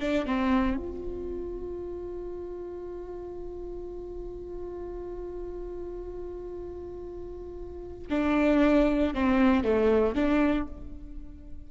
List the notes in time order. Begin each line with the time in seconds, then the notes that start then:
0.00 D4
0.26 C4
0.77 F4
8.10 D4
9.14 C4
9.64 A3
10.15 D4